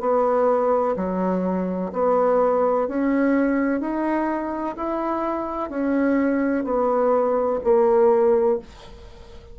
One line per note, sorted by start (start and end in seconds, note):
0.00 0.95 B3
0.96 1.91 F#3
1.92 2.87 B3
2.87 3.80 C#4
3.80 4.75 D#4
4.76 5.70 E4
5.70 6.64 C#4
6.64 7.59 B3
7.64 8.59 A#3